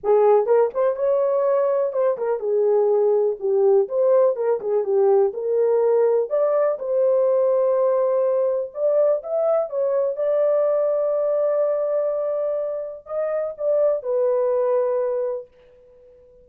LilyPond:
\new Staff \with { instrumentName = "horn" } { \time 4/4 \tempo 4 = 124 gis'4 ais'8 c''8 cis''2 | c''8 ais'8 gis'2 g'4 | c''4 ais'8 gis'8 g'4 ais'4~ | ais'4 d''4 c''2~ |
c''2 d''4 e''4 | cis''4 d''2.~ | d''2. dis''4 | d''4 b'2. | }